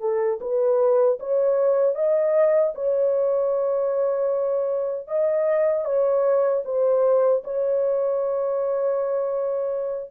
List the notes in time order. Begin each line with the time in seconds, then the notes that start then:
0.00 A4
0.41 B4
1.19 C#5
1.96 D#5
2.75 C#5
5.08 D#5
5.85 C#5
6.65 C5
7.44 C#5